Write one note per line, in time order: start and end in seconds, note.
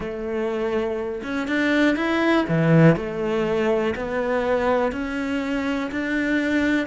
0.00 1.22 A3
1.23 1.48 C#4
1.48 1.95 D4
1.95 2.45 E4
2.48 2.96 E3
2.96 3.94 A3
3.95 4.92 B3
4.92 5.90 C#4
5.91 6.86 D4